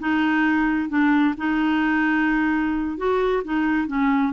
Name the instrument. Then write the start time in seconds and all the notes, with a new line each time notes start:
clarinet
0.00 D#4
0.89 D4
1.38 D#4
2.97 F#4
3.44 D#4
3.87 C#4